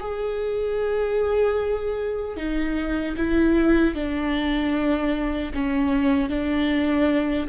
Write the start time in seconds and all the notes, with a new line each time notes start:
0.00 G#4
2.37 D#4
3.17 E4
3.95 D4
5.54 C#4
6.30 D4